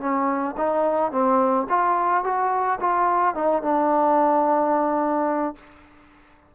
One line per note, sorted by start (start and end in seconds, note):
0.00 0.55 C#4
0.57 1.12 D#4
1.12 1.67 C4
1.69 2.24 F4
2.24 2.79 F#4
2.80 3.35 F4
3.35 3.62 D#4
3.63 5.55 D4